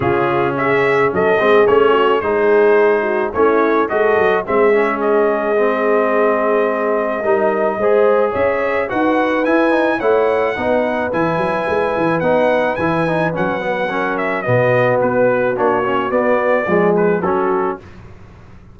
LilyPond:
<<
  \new Staff \with { instrumentName = "trumpet" } { \time 4/4 \tempo 4 = 108 gis'4 e''4 dis''4 cis''4 | c''2 cis''4 dis''4 | e''4 dis''2.~ | dis''2. e''4 |
fis''4 gis''4 fis''2 | gis''2 fis''4 gis''4 | fis''4. e''8 dis''4 b'4 | cis''4 d''4. b'8 a'4 | }
  \new Staff \with { instrumentName = "horn" } { \time 4/4 f'4 gis'4 a'8 gis'4 fis'8 | gis'4. fis'8 e'4 a'4 | gis'1~ | gis'4 ais'4 c''4 cis''4 |
b'2 cis''4 b'4~ | b'1~ | b'4 ais'4 fis'2~ | fis'2 gis'4 fis'4 | }
  \new Staff \with { instrumentName = "trombone" } { \time 4/4 cis'2~ cis'8 c'8 cis'4 | dis'2 cis'4 fis'4 | c'8 cis'4. c'2~ | c'4 dis'4 gis'2 |
fis'4 e'8 dis'8 e'4 dis'4 | e'2 dis'4 e'8 dis'8 | cis'8 b8 cis'4 b2 | d'8 cis'8 b4 gis4 cis'4 | }
  \new Staff \with { instrumentName = "tuba" } { \time 4/4 cis2 fis8 gis8 a4 | gis2 a4 gis8 fis8 | gis1~ | gis4 g4 gis4 cis'4 |
dis'4 e'4 a4 b4 | e8 fis8 gis8 e8 b4 e4 | fis2 b,4 b4 | ais4 b4 f4 fis4 | }
>>